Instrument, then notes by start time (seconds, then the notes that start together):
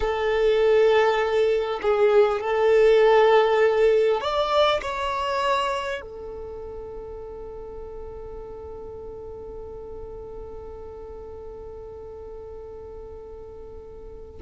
violin
0.00 A4
1.82 G#4
2.41 A4
4.20 D5
4.82 C#5
6.01 A4